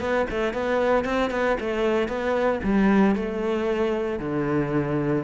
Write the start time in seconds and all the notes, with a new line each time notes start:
0.00 B3
0.30 A3
0.53 B3
1.04 C4
1.30 B3
1.60 A3
2.08 B3
2.63 G3
3.15 A3
4.19 D3